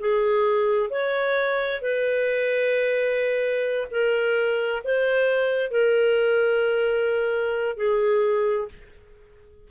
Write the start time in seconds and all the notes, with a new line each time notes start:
0.00 G#4
0.90 C#5
1.81 B4
3.91 A#4
4.84 C5
5.71 A#4
7.77 G#4